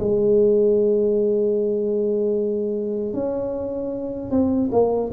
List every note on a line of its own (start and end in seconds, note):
0.00 3.14 G#3
3.14 4.31 C#4
4.31 4.70 C4
4.72 5.12 A#3